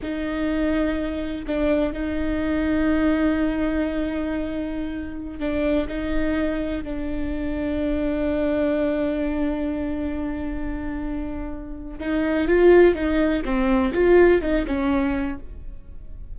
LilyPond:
\new Staff \with { instrumentName = "viola" } { \time 4/4 \tempo 4 = 125 dis'2. d'4 | dis'1~ | dis'2.~ dis'16 d'8.~ | d'16 dis'2 d'4.~ d'16~ |
d'1~ | d'1~ | d'4 dis'4 f'4 dis'4 | c'4 f'4 dis'8 cis'4. | }